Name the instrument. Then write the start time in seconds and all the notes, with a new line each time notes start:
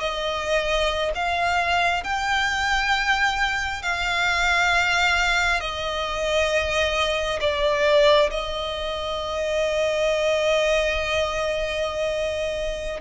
violin
0.00 D#5
1.15 F5
2.04 G5
3.83 F5
5.61 D#5
7.41 D5
8.31 D#5